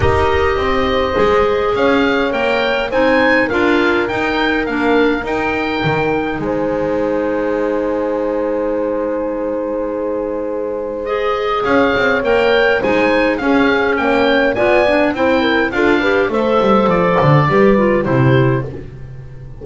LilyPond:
<<
  \new Staff \with { instrumentName = "oboe" } { \time 4/4 \tempo 4 = 103 dis''2. f''4 | g''4 gis''4 f''4 g''4 | f''4 g''2 gis''4~ | gis''1~ |
gis''2. dis''4 | f''4 g''4 gis''4 f''4 | g''4 gis''4 g''4 f''4 | e''4 d''2 c''4 | }
  \new Staff \with { instrumentName = "horn" } { \time 4/4 ais'4 c''2 cis''4~ | cis''4 c''4 ais'2~ | ais'2. c''4~ | c''1~ |
c''1 | cis''2 c''4 gis'4 | cis''4 d''4 c''8 ais'8 a'8 b'8 | c''2 b'4 g'4 | }
  \new Staff \with { instrumentName = "clarinet" } { \time 4/4 g'2 gis'2 | ais'4 dis'4 f'4 dis'4 | d'4 dis'2.~ | dis'1~ |
dis'2. gis'4~ | gis'4 ais'4 dis'4 cis'4~ | cis'4 f'8 d'8 e'4 f'8 g'8 | a'2 g'8 f'8 e'4 | }
  \new Staff \with { instrumentName = "double bass" } { \time 4/4 dis'4 c'4 gis4 cis'4 | ais4 c'4 d'4 dis'4 | ais4 dis'4 dis4 gis4~ | gis1~ |
gis1 | cis'8 c'8 ais4 gis4 cis'4 | ais4 b4 c'4 d'4 | a8 g8 f8 d8 g4 c4 | }
>>